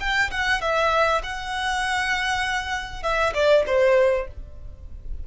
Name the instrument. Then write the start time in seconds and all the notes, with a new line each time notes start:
violin
0.00 G5
0.31 F#5
0.61 E5
1.23 F#5
3.02 E5
3.34 D5
3.66 C5